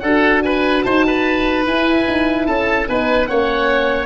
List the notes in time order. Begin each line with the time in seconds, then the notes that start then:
0.00 D4 F#4 A4 F#5
0.43 B4 G#5
0.83 D#4 C5 A5
1.07 B4
1.66 E4 G#5
2.08 D#4
2.46 C#4 A4 A5
2.88 B3 D#4 B4 G#5
3.26 A#3 C#4 C#5 F#5